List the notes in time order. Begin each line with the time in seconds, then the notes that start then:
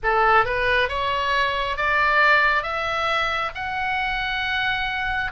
0.03 A4
0.45 B4
0.88 C#5
1.76 D5
2.62 E5
3.55 F#5